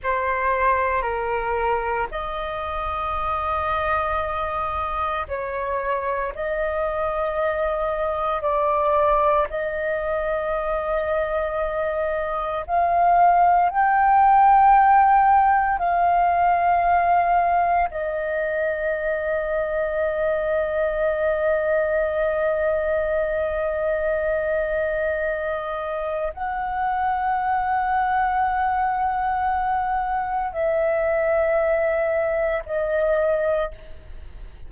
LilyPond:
\new Staff \with { instrumentName = "flute" } { \time 4/4 \tempo 4 = 57 c''4 ais'4 dis''2~ | dis''4 cis''4 dis''2 | d''4 dis''2. | f''4 g''2 f''4~ |
f''4 dis''2.~ | dis''1~ | dis''4 fis''2.~ | fis''4 e''2 dis''4 | }